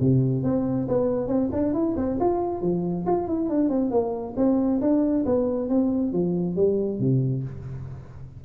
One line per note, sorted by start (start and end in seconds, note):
0.00 0.43 C3
0.43 0.87 C4
0.88 1.27 B3
1.27 1.49 C4
1.52 1.73 D4
1.73 1.95 E4
1.96 2.18 C4
2.19 2.61 F4
2.61 3.05 F3
3.06 3.27 F4
3.27 3.49 E4
3.49 3.69 D4
3.69 3.90 C4
3.90 4.34 A#3
4.36 4.80 C4
4.81 5.24 D4
5.25 5.69 B3
5.69 6.12 C4
6.12 6.55 F3
6.55 6.99 G3
6.99 7.43 C3